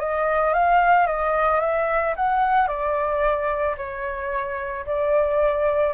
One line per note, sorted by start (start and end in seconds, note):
0.00 0.54 D#5
0.54 1.07 F5
1.07 1.61 D#5
1.61 2.15 E5
2.16 2.68 F#5
2.68 3.76 D5
3.78 4.86 C#5
4.86 5.94 D5